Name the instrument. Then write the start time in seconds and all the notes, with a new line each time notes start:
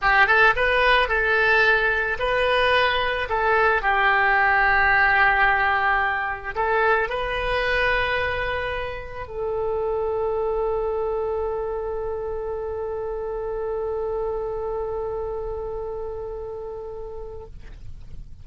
oboe
0.01 G4
0.26 A4
0.56 B4
1.08 A4
2.19 B4
3.29 A4
3.82 G4
6.55 A4
7.09 B4
9.27 A4